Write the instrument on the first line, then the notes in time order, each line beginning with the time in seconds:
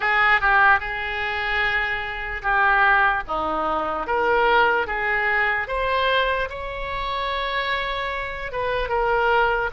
oboe
0.00 G#4
0.40 G4
0.79 G#4
2.42 G4
3.27 D#4
4.07 A#4
4.86 G#4
5.67 C5
6.49 C#5
8.51 B4
8.89 A#4